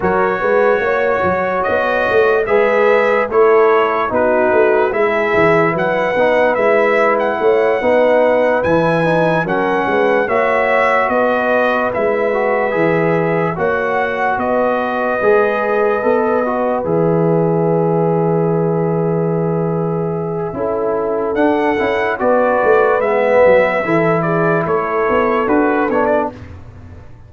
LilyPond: <<
  \new Staff \with { instrumentName = "trumpet" } { \time 4/4 \tempo 4 = 73 cis''2 dis''4 e''4 | cis''4 b'4 e''4 fis''4 | e''8. fis''4.~ fis''16 gis''4 fis''8~ | fis''8 e''4 dis''4 e''4.~ |
e''8 fis''4 dis''2~ dis''8~ | dis''8 e''2.~ e''8~ | e''2 fis''4 d''4 | e''4. d''8 cis''4 b'8 cis''16 d''16 | }
  \new Staff \with { instrumentName = "horn" } { \time 4/4 ais'8 b'8 cis''2 b'4 | a'4 fis'4 gis'4 b'4~ | b'4 cis''8 b'2 ais'8 | b'8 cis''4 b'2~ b'8~ |
b'8 cis''4 b'2~ b'8~ | b'1~ | b'4 a'2 b'4~ | b'4 a'8 gis'8 a'2 | }
  \new Staff \with { instrumentName = "trombone" } { \time 4/4 fis'2. gis'4 | e'4 dis'4 e'4. dis'8 | e'4. dis'4 e'8 dis'8 cis'8~ | cis'8 fis'2 e'8 fis'8 gis'8~ |
gis'8 fis'2 gis'4 a'8 | fis'8 gis'2.~ gis'8~ | gis'4 e'4 d'8 e'8 fis'4 | b4 e'2 fis'8 d'8 | }
  \new Staff \with { instrumentName = "tuba" } { \time 4/4 fis8 gis8 ais8 fis8 b8 a8 gis4 | a4 b8 a8 gis8 e8 fis8 b8 | gis4 a8 b4 e4 fis8 | gis8 ais4 b4 gis4 e8~ |
e8 ais4 b4 gis4 b8~ | b8 e2.~ e8~ | e4 cis'4 d'8 cis'8 b8 a8 | gis8 fis8 e4 a8 b8 d'8 b8 | }
>>